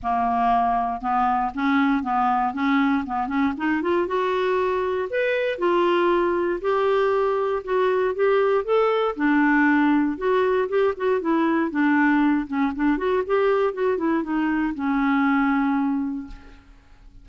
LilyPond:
\new Staff \with { instrumentName = "clarinet" } { \time 4/4 \tempo 4 = 118 ais2 b4 cis'4 | b4 cis'4 b8 cis'8 dis'8 f'8 | fis'2 b'4 f'4~ | f'4 g'2 fis'4 |
g'4 a'4 d'2 | fis'4 g'8 fis'8 e'4 d'4~ | d'8 cis'8 d'8 fis'8 g'4 fis'8 e'8 | dis'4 cis'2. | }